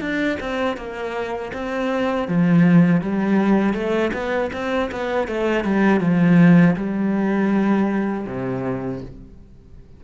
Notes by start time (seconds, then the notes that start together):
0.00 D4
0.40 C4
0.76 A#3
1.53 C4
2.28 F3
3.01 G3
3.73 A3
4.12 B3
4.52 C4
4.91 B3
5.27 A3
5.64 G3
6.00 F3
6.76 G3
8.26 C3